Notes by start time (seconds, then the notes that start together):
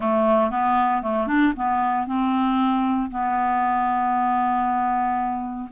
0.00 A3
0.50 B3
1.02 A3
1.27 D4
1.56 B3
2.06 C4
3.10 B3